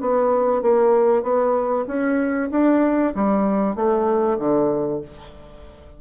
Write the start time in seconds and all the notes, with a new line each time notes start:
0.00 B3
0.61 A#3
1.22 B3
1.87 C#4
2.51 D4
3.14 G3
3.75 A3
4.38 D3